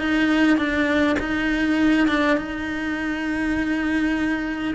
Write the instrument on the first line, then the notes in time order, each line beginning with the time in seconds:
cello
0.00 D#4
0.58 D4
1.20 D#4
2.08 D4
2.38 D#4